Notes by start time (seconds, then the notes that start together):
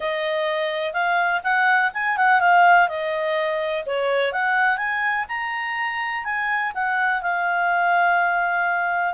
0.00 D#5
0.93 F5
1.43 F#5
1.93 G#5
2.17 F#5
2.40 F5
2.88 D#5
3.86 C#5
4.32 F#5
4.77 G#5
5.28 A#5
6.24 G#5
6.74 F#5
7.22 F5